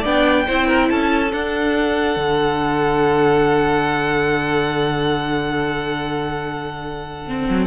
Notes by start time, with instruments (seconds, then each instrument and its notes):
0.00 cello B3, viola D4, violin D5 G5
0.47 cello C4, viola E4, violin C5
0.67 violin A#4
0.89 cello C#4, violin A4 A5
1.31 viola D4, cello D4, violin F#5
2.16 cello D3
7.27 viola C4
7.49 cello F#3